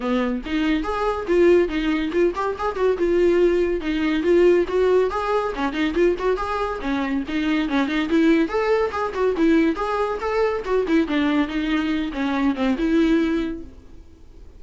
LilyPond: \new Staff \with { instrumentName = "viola" } { \time 4/4 \tempo 4 = 141 b4 dis'4 gis'4 f'4 | dis'4 f'8 g'8 gis'8 fis'8 f'4~ | f'4 dis'4 f'4 fis'4 | gis'4 cis'8 dis'8 f'8 fis'8 gis'4 |
cis'4 dis'4 cis'8 dis'8 e'4 | a'4 gis'8 fis'8 e'4 gis'4 | a'4 fis'8 e'8 d'4 dis'4~ | dis'8 cis'4 c'8 e'2 | }